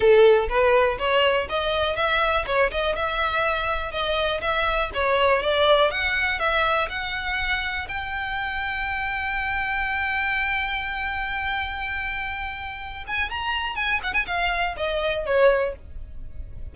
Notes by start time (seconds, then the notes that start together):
0.00 A4
0.48 B4
0.99 C#5
1.49 D#5
1.96 E5
2.46 C#5
2.71 D#5
2.95 E5
3.91 D#5
4.41 E5
4.94 C#5
5.42 D5
5.91 F#5
6.39 E5
6.89 F#5
7.88 G5
13.07 G#5
13.30 A#5
13.75 G#5
14.03 F#5
14.13 G#5
14.26 F5
14.76 D#5
15.26 C#5